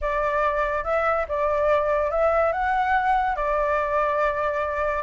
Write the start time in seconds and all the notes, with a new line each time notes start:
0.01 D5
0.84 E5
1.28 D5
2.10 E5
2.52 F#5
3.35 D5